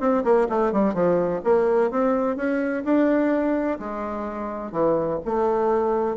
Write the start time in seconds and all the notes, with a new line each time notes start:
0.00 C4
0.24 A#3
0.49 A3
0.72 G3
0.94 F3
1.44 A#3
1.91 C4
2.36 C#4
2.84 D4
3.79 G#3
4.72 E3
5.25 A3